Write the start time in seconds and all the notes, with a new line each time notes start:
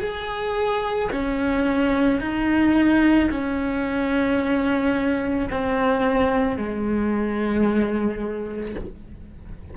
0.00 G#4
1.12 C#4
2.21 D#4
3.30 C#4
5.50 C4
6.57 G#3